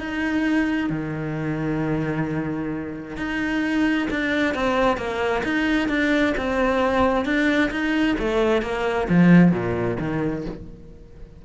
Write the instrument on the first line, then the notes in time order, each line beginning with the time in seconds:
cello
0.00 D#4
0.90 D#3
3.17 D#4
4.11 D4
4.55 C4
4.98 A#3
5.44 D#4
5.89 D4
6.38 C4
7.26 D4
7.71 D#4
8.19 A3
8.62 A#3
9.10 F3
9.52 A#2
10.00 D#3